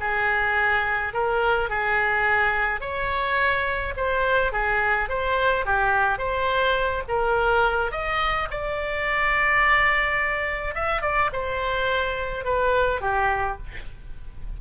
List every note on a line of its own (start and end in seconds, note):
0.00 1.13 G#4
1.13 1.69 A#4
1.69 2.80 G#4
2.80 3.94 C#5
3.96 4.52 C5
4.52 5.09 G#4
5.09 5.65 C5
5.65 6.18 G4
6.18 7.03 C5
7.08 7.91 A#4
7.91 8.48 D#5
8.50 10.74 D5
10.74 11.01 E5
11.01 11.30 D5
11.32 12.45 C5
12.45 13.01 B4
13.01 13.57 G4